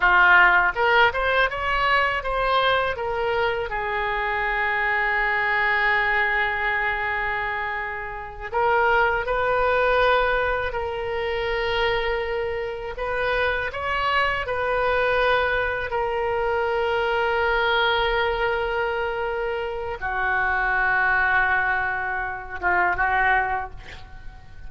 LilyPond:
\new Staff \with { instrumentName = "oboe" } { \time 4/4 \tempo 4 = 81 f'4 ais'8 c''8 cis''4 c''4 | ais'4 gis'2.~ | gis'2.~ gis'8 ais'8~ | ais'8 b'2 ais'4.~ |
ais'4. b'4 cis''4 b'8~ | b'4. ais'2~ ais'8~ | ais'2. fis'4~ | fis'2~ fis'8 f'8 fis'4 | }